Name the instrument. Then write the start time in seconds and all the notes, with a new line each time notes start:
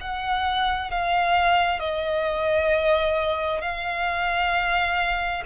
violin
0.00 F#5
0.90 F5
1.79 D#5
3.61 F5